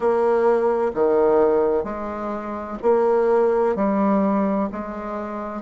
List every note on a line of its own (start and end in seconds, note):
0.00 0.91 A#3
0.94 1.84 D#3
1.84 2.77 G#3
2.82 3.75 A#3
3.75 4.69 G3
4.71 5.61 G#3